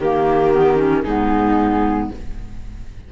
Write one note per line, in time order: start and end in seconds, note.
0.00 1.05 D#3
0.00 0.53 A#3
0.00 1.04 G4
0.00 1.03 A#4
0.53 0.77 B3
0.77 1.03 C#4
1.03 2.11 G#2
1.03 2.13 B3
1.03 2.09 D#4
1.03 2.09 G#4